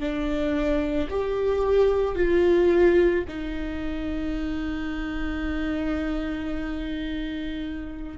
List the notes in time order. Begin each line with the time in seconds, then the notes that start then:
0.00 D4
1.10 G4
2.16 F4
3.28 D#4